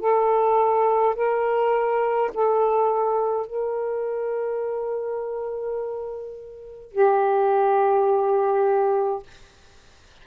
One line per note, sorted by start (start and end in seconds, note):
0.00 1.15 A4
1.15 2.31 A#4
2.34 3.46 A4
3.46 6.92 A#4
6.92 9.23 G4